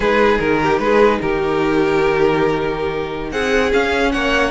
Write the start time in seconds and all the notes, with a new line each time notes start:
0.00 G#3 D#4 G#4 B4
0.39 D#3 A#4
0.62 G4
0.78 G#3 G#4 B4
1.21 D#3 G4 A#4
3.31 C4 G#4 F#5
3.71 C#4 F5
4.11 A#3 C#5 F#5